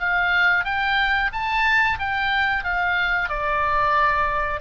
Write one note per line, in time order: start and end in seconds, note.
0.00 0.65 F5
0.65 1.31 G5
1.33 1.99 A5
2.00 2.64 G5
2.64 3.29 F5
3.29 4.61 D5